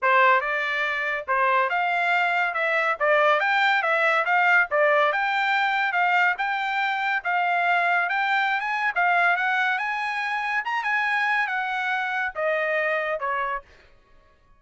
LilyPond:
\new Staff \with { instrumentName = "trumpet" } { \time 4/4 \tempo 4 = 141 c''4 d''2 c''4 | f''2 e''4 d''4 | g''4 e''4 f''4 d''4 | g''2 f''4 g''4~ |
g''4 f''2 g''4~ | g''16 gis''8. f''4 fis''4 gis''4~ | gis''4 ais''8 gis''4. fis''4~ | fis''4 dis''2 cis''4 | }